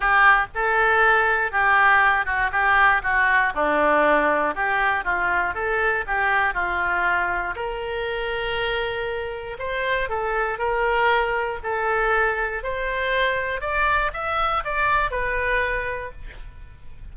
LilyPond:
\new Staff \with { instrumentName = "oboe" } { \time 4/4 \tempo 4 = 119 g'4 a'2 g'4~ | g'8 fis'8 g'4 fis'4 d'4~ | d'4 g'4 f'4 a'4 | g'4 f'2 ais'4~ |
ais'2. c''4 | a'4 ais'2 a'4~ | a'4 c''2 d''4 | e''4 d''4 b'2 | }